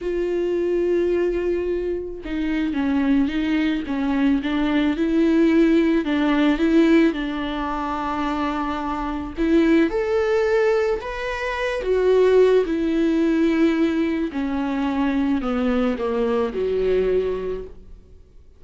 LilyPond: \new Staff \with { instrumentName = "viola" } { \time 4/4 \tempo 4 = 109 f'1 | dis'4 cis'4 dis'4 cis'4 | d'4 e'2 d'4 | e'4 d'2.~ |
d'4 e'4 a'2 | b'4. fis'4. e'4~ | e'2 cis'2 | b4 ais4 fis2 | }